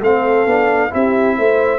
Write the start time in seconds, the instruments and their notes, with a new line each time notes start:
0.00 tuba A3, trombone C4, horn A4, trumpet F5
0.46 tuba B3, trombone D4
0.90 tuba C4, trombone E4, horn G4, trumpet E5
1.37 tuba A3, horn C5